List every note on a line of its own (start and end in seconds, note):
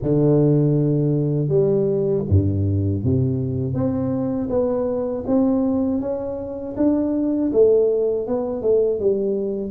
0.02 1.48 D3
1.48 2.23 G3
2.29 3.03 G2
3.03 3.73 C3
3.73 4.48 C4
4.49 5.24 B3
5.26 6.00 C4
6.00 6.75 C#4
6.76 7.51 D4
7.52 8.27 A3
8.27 8.61 B3
8.61 8.99 A3
8.99 9.71 G3